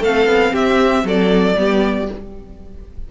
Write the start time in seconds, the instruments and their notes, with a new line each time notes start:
0.00 cello A3, viola C4, violin A4 F5
0.26 cello B3
0.52 cello C4, violin G4 E5
1.03 cello F#3, violin A4 D5
1.56 cello G3, viola B3, violin G4